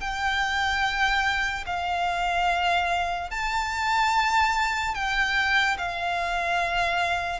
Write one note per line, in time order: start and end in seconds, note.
0.00 1.64 G5
1.66 3.30 F5
3.30 4.94 A5
4.94 5.76 G5
5.78 7.39 F5